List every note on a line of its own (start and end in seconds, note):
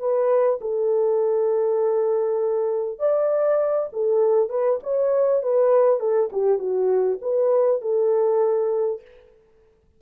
0.00 0.60 B4
0.62 2.99 A4
2.99 3.89 D5
3.93 4.50 A4
4.50 4.80 B4
4.84 5.43 C#5
5.43 6.00 B4
6.00 6.30 A4
6.32 6.59 G4
6.59 7.19 F#4
7.22 7.82 B4
7.82 9.02 A4